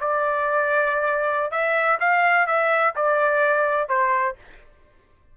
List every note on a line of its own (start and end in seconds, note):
0.00 1.51 D5
1.51 1.98 E5
2.00 2.47 F5
2.47 2.94 E5
2.96 3.89 D5
3.89 4.36 C5